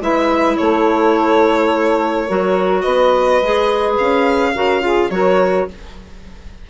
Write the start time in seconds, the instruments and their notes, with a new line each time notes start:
0.00 bassoon G#3, clarinet E4, saxophone B4, violin E5
0.57 bassoon A3, saxophone A4, violin C#5
2.26 bassoon F#3, clarinet F#4, saxophone A#4
2.81 bassoon B3, saxophone B4, violin D#5
3.42 bassoon G#3, clarinet G#4
3.98 bassoon C#4, violin F5
4.55 bassoon C#3, clarinet F#4, saxophone A#4
4.81 clarinet F4, saxophone G#4
5.10 bassoon F#3, clarinet F#4, saxophone A#4, violin C#5